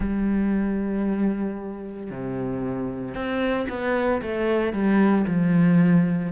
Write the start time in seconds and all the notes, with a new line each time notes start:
0.00 G3
2.10 C3
3.14 C4
3.68 B3
4.22 A3
4.72 G3
5.27 F3